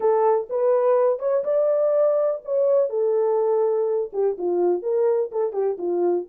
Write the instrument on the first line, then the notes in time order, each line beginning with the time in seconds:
horn
0.00 A4
0.49 B4
1.19 C#5
1.44 D5
2.44 C#5
2.89 A4
4.13 G4
4.37 F4
4.82 A#4
5.31 A4
5.52 G4
5.78 F4